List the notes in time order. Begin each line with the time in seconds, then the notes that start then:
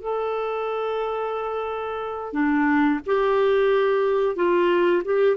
0.00 A4
2.33 D4
3.06 G4
4.35 F4
5.04 G4